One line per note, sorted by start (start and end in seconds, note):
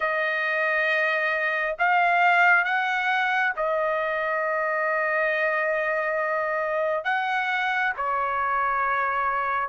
0.00 1.76 D#5
1.78 2.64 F5
2.64 3.53 F#5
3.56 7.04 D#5
7.04 7.92 F#5
7.97 9.69 C#5